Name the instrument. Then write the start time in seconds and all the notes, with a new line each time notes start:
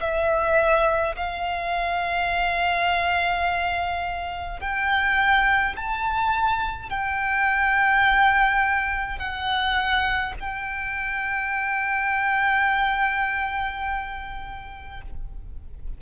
violin
0.00 E5
1.15 F5
4.60 G5
5.76 A5
6.90 G5
9.18 F#5
10.40 G5